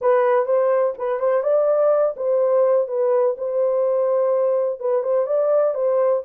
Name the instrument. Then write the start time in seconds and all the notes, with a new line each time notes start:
horn
0.01 B4
0.45 C5
0.98 B4
1.19 C5
1.42 D5
2.16 C5
2.87 B4
3.37 C5
4.79 B4
5.02 C5
5.26 D5
5.74 C5